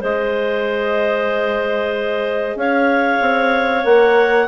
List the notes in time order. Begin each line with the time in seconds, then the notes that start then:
0.00 G#3 G#4 C5 D#5
2.55 C#4 C#5 F5
3.20 C4
3.83 A#3 A#4 F#5